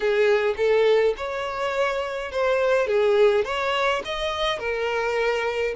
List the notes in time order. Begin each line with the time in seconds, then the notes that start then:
0.00 G#4
0.56 A4
1.16 C#5
2.31 C5
2.87 G#4
3.45 C#5
4.05 D#5
4.59 A#4